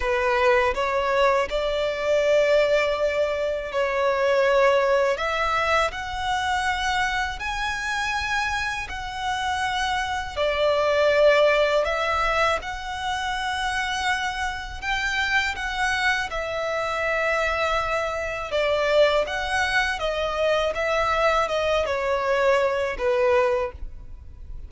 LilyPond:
\new Staff \with { instrumentName = "violin" } { \time 4/4 \tempo 4 = 81 b'4 cis''4 d''2~ | d''4 cis''2 e''4 | fis''2 gis''2 | fis''2 d''2 |
e''4 fis''2. | g''4 fis''4 e''2~ | e''4 d''4 fis''4 dis''4 | e''4 dis''8 cis''4. b'4 | }